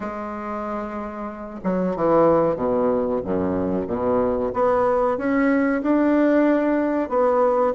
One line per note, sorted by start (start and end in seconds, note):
0.00 1.60 G#3
1.63 1.95 F#3
1.95 2.56 E3
2.56 3.20 B2
3.24 3.87 F#2
3.87 4.52 B2
4.53 5.17 B3
5.17 5.82 C#4
5.82 7.09 D4
7.09 7.73 B3